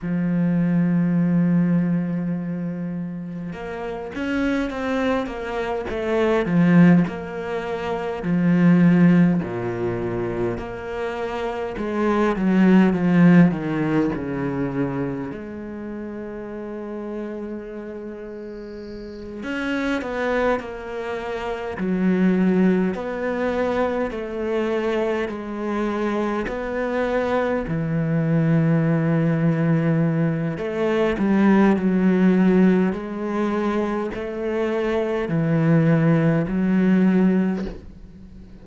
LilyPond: \new Staff \with { instrumentName = "cello" } { \time 4/4 \tempo 4 = 51 f2. ais8 cis'8 | c'8 ais8 a8 f8 ais4 f4 | ais,4 ais4 gis8 fis8 f8 dis8 | cis4 gis2.~ |
gis8 cis'8 b8 ais4 fis4 b8~ | b8 a4 gis4 b4 e8~ | e2 a8 g8 fis4 | gis4 a4 e4 fis4 | }